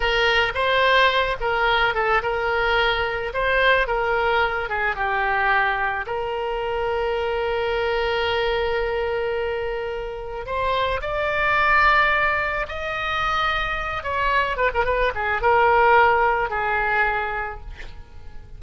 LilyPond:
\new Staff \with { instrumentName = "oboe" } { \time 4/4 \tempo 4 = 109 ais'4 c''4. ais'4 a'8 | ais'2 c''4 ais'4~ | ais'8 gis'8 g'2 ais'4~ | ais'1~ |
ais'2. c''4 | d''2. dis''4~ | dis''4. cis''4 b'16 ais'16 b'8 gis'8 | ais'2 gis'2 | }